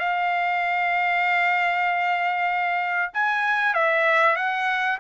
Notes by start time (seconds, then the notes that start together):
0.00 F5
3.14 G#5
3.74 E5
4.36 F#5